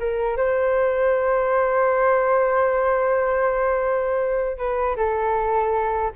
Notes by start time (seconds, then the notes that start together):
0.00 A#4
0.37 C5
4.58 B4
4.97 A4